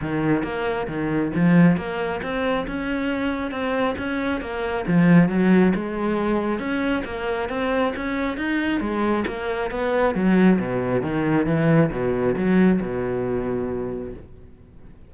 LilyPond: \new Staff \with { instrumentName = "cello" } { \time 4/4 \tempo 4 = 136 dis4 ais4 dis4 f4 | ais4 c'4 cis'2 | c'4 cis'4 ais4 f4 | fis4 gis2 cis'4 |
ais4 c'4 cis'4 dis'4 | gis4 ais4 b4 fis4 | b,4 dis4 e4 b,4 | fis4 b,2. | }